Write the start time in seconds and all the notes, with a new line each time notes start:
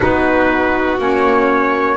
0.00 B3 D#4 F#4 B4
0.98 A#3 C#4 C#5